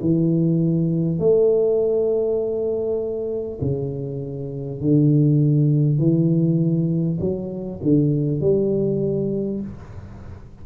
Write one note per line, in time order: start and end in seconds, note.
0.00 1.18 E3
1.18 3.58 A3
3.61 4.81 C#3
4.81 5.98 D3
5.98 7.18 E3
7.20 7.80 F#3
7.82 8.41 D3
8.41 9.61 G3